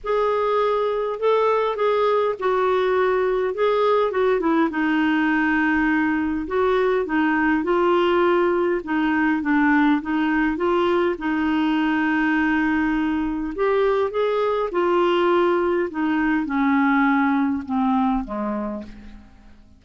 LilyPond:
\new Staff \with { instrumentName = "clarinet" } { \time 4/4 \tempo 4 = 102 gis'2 a'4 gis'4 | fis'2 gis'4 fis'8 e'8 | dis'2. fis'4 | dis'4 f'2 dis'4 |
d'4 dis'4 f'4 dis'4~ | dis'2. g'4 | gis'4 f'2 dis'4 | cis'2 c'4 gis4 | }